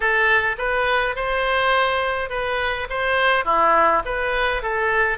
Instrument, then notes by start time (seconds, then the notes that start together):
oboe
0.00 A4
0.58 B4
1.15 C5
2.29 B4
2.89 C5
3.45 E4
4.05 B4
4.62 A4